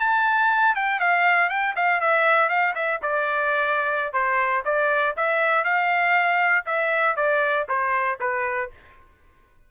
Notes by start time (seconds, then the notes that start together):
0.00 A5
0.75 G5
1.00 F5
1.49 G5
1.76 F5
2.01 E5
2.49 F5
2.75 E5
3.02 D5
4.13 C5
4.65 D5
5.16 E5
5.64 F5
6.66 E5
7.16 D5
7.68 C5
8.20 B4